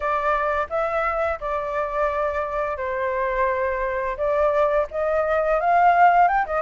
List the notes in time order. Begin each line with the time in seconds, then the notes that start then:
0.00 D5
0.69 E5
1.40 D5
2.77 C5
4.17 D5
4.90 D#5
5.60 F5
6.28 G5
6.45 D#5